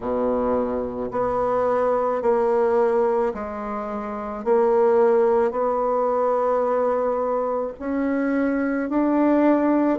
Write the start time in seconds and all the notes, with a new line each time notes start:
0.00 B2
1.11 B3
2.22 A#3
3.34 G#3
4.44 A#3
5.51 B3
7.79 C#4
8.89 D4